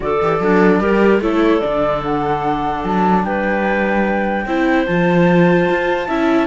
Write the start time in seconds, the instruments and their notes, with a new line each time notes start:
0.00 cello D3, viola F#4, clarinet A4, flute D5
0.21 cello E3, viola G4
0.40 cello F#3, clarinet D4, viola A4
0.79 cello G3, viola G4, clarinet A#4
1.20 cello A3, viola E4, clarinet A4, flute C#5
1.60 cello D3, viola D4, flute D5
2.03 flute F#5
2.83 cello F#3, flute A5
3.24 cello G3, clarinet B4, flute G5
4.45 cello C4, viola E4, clarinet C5
4.86 cello F3, viola F4, flute A5
5.69 cello F4
6.07 cello C#4, viola E4, clarinet E5